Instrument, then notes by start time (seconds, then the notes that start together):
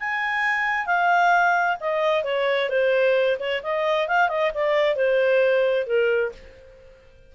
clarinet
0.00 G#5
0.86 F5
1.80 D#5
2.24 C#5
2.69 C5
3.39 C#5
3.63 D#5
4.08 F5
4.29 D#5
4.55 D5
4.96 C5
5.87 A#4